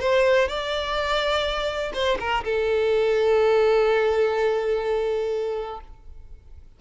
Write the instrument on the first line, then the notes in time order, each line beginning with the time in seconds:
violin
0.00 C5
0.48 D5
1.94 C5
2.20 A#4
2.44 A4